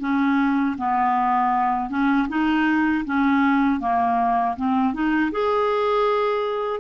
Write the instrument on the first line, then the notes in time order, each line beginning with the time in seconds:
clarinet
0.00 C#4
0.78 B3
1.90 C#4
2.29 D#4
3.06 C#4
3.80 A#3
4.57 C4
4.94 D#4
5.32 G#4